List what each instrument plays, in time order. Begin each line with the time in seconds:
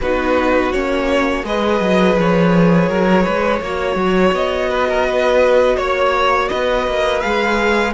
0.01 cello B3, viola D#4, violin F#4 B4
0.72 cello A#3, viola C#4, violin C#5
1.43 cello G#3, viola G#4, violin B4 D#5
1.80 cello F#3
2.18 cello F3, violin C#5
2.88 cello F#3, violin A#4
3.23 cello G#3, violin B4
3.61 cello A#3, viola F#4, violin C#5
3.95 cello F#3
4.31 cello B3, violin D#5
4.69 violin B4
4.88 violin A#4
5.06 violin B4
5.76 cello A#3, violin C#5
6.48 cello B3, violin B4 D#5
6.87 cello A#3
7.20 cello G#3, viola G#4, violin F5